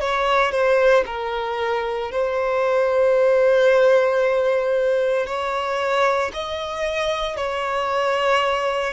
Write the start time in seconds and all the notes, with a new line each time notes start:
0.00 C#5
0.51 C5
1.06 A#4
2.11 C5
5.26 C#5
6.33 D#5
7.36 C#5